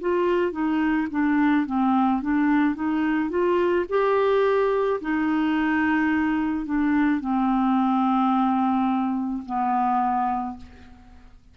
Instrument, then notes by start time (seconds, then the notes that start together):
clarinet
0.00 F4
0.52 D#4
1.10 D4
1.66 C4
2.21 D4
2.75 D#4
3.29 F4
3.88 G4
5.01 D#4
6.65 D4
7.20 C4
9.45 B3